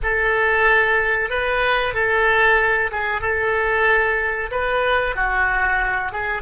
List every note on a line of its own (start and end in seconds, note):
0.02 1.29 A4
1.29 1.94 B4
1.94 2.90 A4
2.91 3.21 G#4
3.21 4.50 A4
4.51 5.15 B4
5.15 6.11 F#4
6.11 6.42 G#4